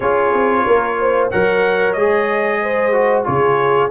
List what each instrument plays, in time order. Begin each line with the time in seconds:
0.00 tuba C#4, trombone F4, horn G#4, trumpet C#5
0.33 tuba C4
0.66 tuba A#3, horn A#4
1.00 horn C5
1.30 tuba F#3, trombone A#4, horn C#5, trumpet F#5
1.93 tuba G#3, trombone G#4, trumpet D#5
2.61 horn C5
2.92 trombone F#4
3.24 tuba C#3, trombone F4, horn G#4, trumpet C#5